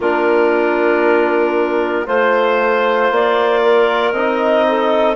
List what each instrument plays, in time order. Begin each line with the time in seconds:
0.00 bassoon A#3, trombone D4, clarinet F4 A#4
2.06 bassoon A3, trombone F4, clarinet C5
3.11 bassoon A#3, clarinet D5
3.62 clarinet A#4
4.12 bassoon C4, trombone D#4, clarinet D#5
4.67 clarinet A4